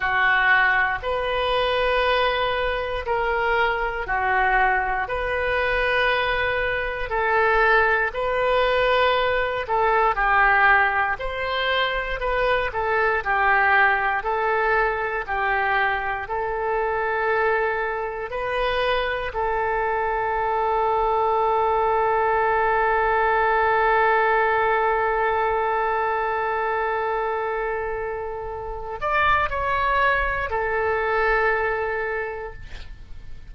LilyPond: \new Staff \with { instrumentName = "oboe" } { \time 4/4 \tempo 4 = 59 fis'4 b'2 ais'4 | fis'4 b'2 a'4 | b'4. a'8 g'4 c''4 | b'8 a'8 g'4 a'4 g'4 |
a'2 b'4 a'4~ | a'1~ | a'1~ | a'8 d''8 cis''4 a'2 | }